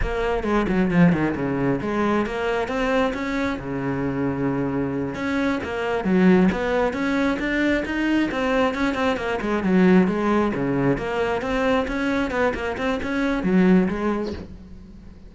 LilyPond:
\new Staff \with { instrumentName = "cello" } { \time 4/4 \tempo 4 = 134 ais4 gis8 fis8 f8 dis8 cis4 | gis4 ais4 c'4 cis'4 | cis2.~ cis8 cis'8~ | cis'8 ais4 fis4 b4 cis'8~ |
cis'8 d'4 dis'4 c'4 cis'8 | c'8 ais8 gis8 fis4 gis4 cis8~ | cis8 ais4 c'4 cis'4 b8 | ais8 c'8 cis'4 fis4 gis4 | }